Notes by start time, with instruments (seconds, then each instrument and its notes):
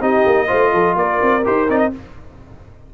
0.00 tuba C4, trombone D#4, horn G4, trumpet D#5
0.26 tuba A#3
0.47 tuba A3, trombone F4, horn C5
0.73 tuba F3, horn A4
0.95 tuba A#3, horn A#4, trumpet D5
1.22 tuba C4
1.44 tuba D#4, trombone G4, trumpet C5
1.68 tuba C4, trombone D#4, trumpet D5
1.78 trumpet D#5